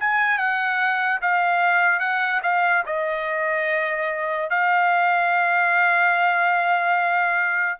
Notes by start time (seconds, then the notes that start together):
0.00 G#5
0.38 F#5
1.22 F5
2.00 F#5
2.43 F5
2.86 D#5
4.50 F5